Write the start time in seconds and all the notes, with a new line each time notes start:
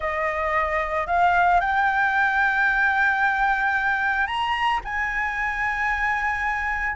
0.00 D#5
1.07 F5
1.60 G5
4.26 A#5
4.84 G#5